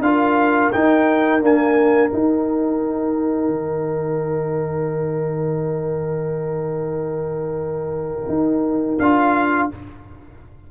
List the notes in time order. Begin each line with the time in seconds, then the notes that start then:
0.00 D4 F4 A#4 F5
0.72 D#4 G5
1.41 A#3 D4 G#5
2.08 D#4 G5
3.48 D#3
8.28 D#4
8.99 D4 F4 F5